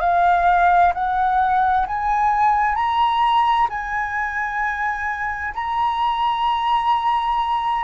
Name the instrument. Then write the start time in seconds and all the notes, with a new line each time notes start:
flute
0.00 F5
0.94 F#5
1.86 G#5
2.75 A#5
3.69 G#5
5.54 A#5